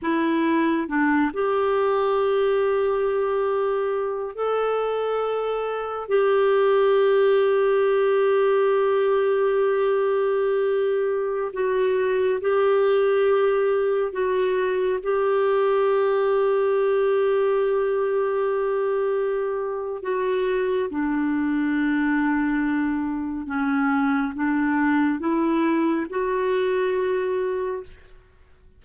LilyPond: \new Staff \with { instrumentName = "clarinet" } { \time 4/4 \tempo 4 = 69 e'4 d'8 g'2~ g'8~ | g'4 a'2 g'4~ | g'1~ | g'4~ g'16 fis'4 g'4.~ g'16~ |
g'16 fis'4 g'2~ g'8.~ | g'2. fis'4 | d'2. cis'4 | d'4 e'4 fis'2 | }